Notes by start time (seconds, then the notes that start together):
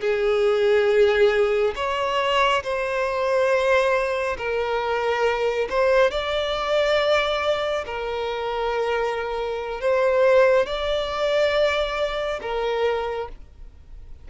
0.00 G#4
1.75 C#5
2.63 C5
4.38 A#4
5.69 C5
6.11 D5
7.86 A#4
9.81 C5
10.66 D5
12.42 A#4